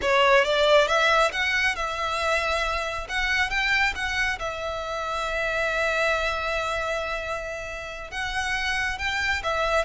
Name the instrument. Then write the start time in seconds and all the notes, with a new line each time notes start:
violin
0.01 C#5
0.44 D5
0.87 E5
1.32 F#5
1.75 E5
3.08 F#5
3.49 G5
3.95 F#5
4.39 E5
8.10 F#5
8.98 G5
9.43 E5